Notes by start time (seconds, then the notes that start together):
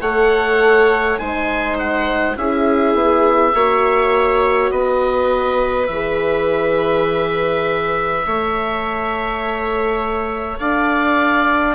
0.00 A3 A4 C#5 F#5
1.18 G#3 D#4 C5 G#5
1.79 F#5
2.36 C#4 E4 G#4 E5
2.94 B3
3.54 A#3 F#4 C#5
4.71 B3 B4 D#5
5.87 E3 G#4 E5
8.25 A3 A4 C#5
10.60 D4 D5 F5